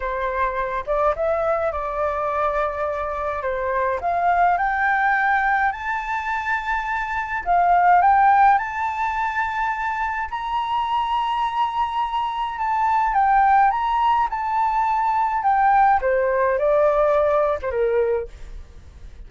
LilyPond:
\new Staff \with { instrumentName = "flute" } { \time 4/4 \tempo 4 = 105 c''4. d''8 e''4 d''4~ | d''2 c''4 f''4 | g''2 a''2~ | a''4 f''4 g''4 a''4~ |
a''2 ais''2~ | ais''2 a''4 g''4 | ais''4 a''2 g''4 | c''4 d''4.~ d''16 c''16 ais'4 | }